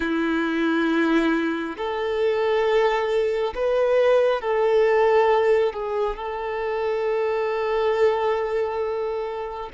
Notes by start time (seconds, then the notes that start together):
0.00 E4
1.77 A4
3.54 B4
4.41 A4
5.73 G#4
6.16 A4